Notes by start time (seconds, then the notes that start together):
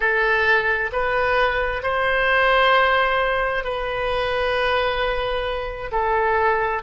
0.00 A4
0.92 B4
1.83 C5
3.64 B4
5.91 A4